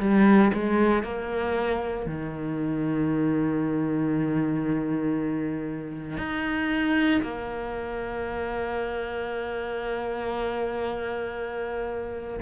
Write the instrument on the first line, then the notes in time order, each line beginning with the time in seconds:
cello
0.00 G3
0.53 G#3
1.03 A#3
2.06 D#3
6.17 D#4
7.22 A#3